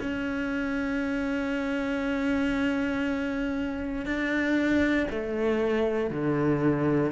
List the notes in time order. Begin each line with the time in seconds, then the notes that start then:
0.00 C#4
4.05 D4
5.10 A3
6.11 D3